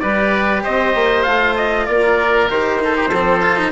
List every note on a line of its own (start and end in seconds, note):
0.00 0.65 G3
0.00 1.25 G4
0.00 0.63 B4
0.00 0.62 D5
0.63 0.95 C4
0.63 1.87 C5
0.63 1.23 D#5
0.95 1.26 A#3
1.23 1.88 A3
1.23 2.49 F4
1.23 1.54 F5
1.56 1.87 D#5
1.87 2.49 A#3
1.87 2.82 A#4
1.87 2.48 D5
2.49 3.11 D#3
2.49 2.80 G4
2.49 3.72 C5
2.80 3.11 D#4
2.80 2.96 A4
2.96 3.09 G4
3.09 3.72 F3
3.09 3.42 C4
3.09 3.71 A4
3.42 3.57 F4
3.57 3.72 D#4